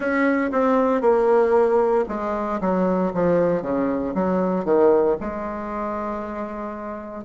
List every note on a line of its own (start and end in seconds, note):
0.00 0.50 C#4
0.51 1.01 C4
1.01 2.04 A#3
2.08 2.60 G#3
2.61 3.12 F#3
3.14 3.62 F3
3.62 4.13 C#3
4.14 4.64 F#3
4.64 5.16 D#3
5.20 7.24 G#3